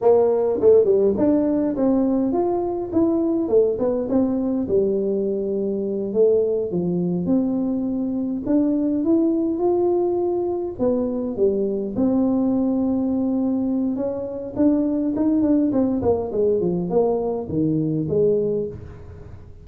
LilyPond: \new Staff \with { instrumentName = "tuba" } { \time 4/4 \tempo 4 = 103 ais4 a8 g8 d'4 c'4 | f'4 e'4 a8 b8 c'4 | g2~ g8 a4 f8~ | f8 c'2 d'4 e'8~ |
e'8 f'2 b4 g8~ | g8 c'2.~ c'8 | cis'4 d'4 dis'8 d'8 c'8 ais8 | gis8 f8 ais4 dis4 gis4 | }